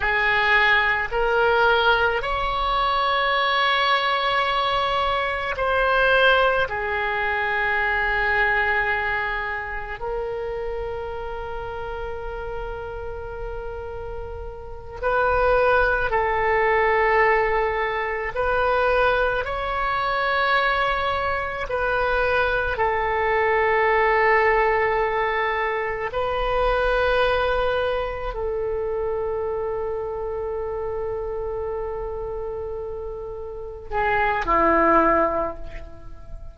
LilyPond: \new Staff \with { instrumentName = "oboe" } { \time 4/4 \tempo 4 = 54 gis'4 ais'4 cis''2~ | cis''4 c''4 gis'2~ | gis'4 ais'2.~ | ais'4. b'4 a'4.~ |
a'8 b'4 cis''2 b'8~ | b'8 a'2. b'8~ | b'4. a'2~ a'8~ | a'2~ a'8 gis'8 e'4 | }